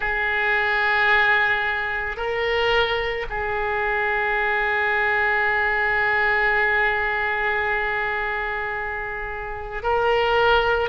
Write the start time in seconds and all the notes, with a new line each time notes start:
0.00 G#4
2.16 A#4
3.29 G#4
9.82 A#4